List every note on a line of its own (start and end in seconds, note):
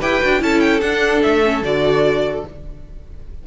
0.00 0.22 E4
0.00 0.22 G4
0.00 0.41 B4
0.00 0.43 G5
0.22 0.42 D4
0.22 0.40 F#4
0.40 0.81 C#4
0.40 0.81 E4
0.40 2.47 A4
0.40 0.60 A5
0.60 0.81 G5
0.81 1.22 D4
0.81 1.43 D4
0.81 1.22 F#5
1.22 1.62 A3
1.22 1.63 E5
1.44 1.64 C#4
1.62 2.44 D3
1.62 2.45 F#4
1.62 2.46 D5